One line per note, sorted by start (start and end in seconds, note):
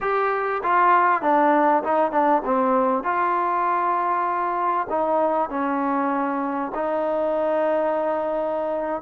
0.01 0.62 G4
0.63 1.22 F4
1.22 1.83 D4
1.83 2.11 D#4
2.11 2.42 D4
2.44 3.03 C4
3.03 4.87 F4
4.89 5.49 D#4
5.49 6.72 C#4
6.74 9.01 D#4